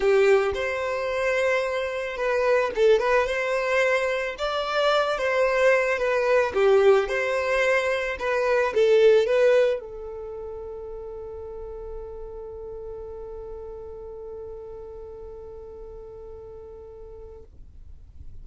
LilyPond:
\new Staff \with { instrumentName = "violin" } { \time 4/4 \tempo 4 = 110 g'4 c''2. | b'4 a'8 b'8 c''2 | d''4. c''4. b'4 | g'4 c''2 b'4 |
a'4 b'4 a'2~ | a'1~ | a'1~ | a'1 | }